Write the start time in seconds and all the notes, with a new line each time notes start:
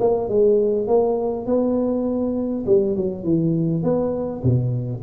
0.00 A#3
0.29 G#3
0.87 A#3
1.46 B3
2.66 G3
2.96 F#3
3.24 E3
3.83 B3
4.43 B2